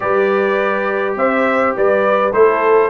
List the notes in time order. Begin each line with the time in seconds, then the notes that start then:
0.00 G3 G4 B4 D5
1.16 C4 C5 E5
1.76 G3 B4 D5
2.32 A3 E4 A4 C5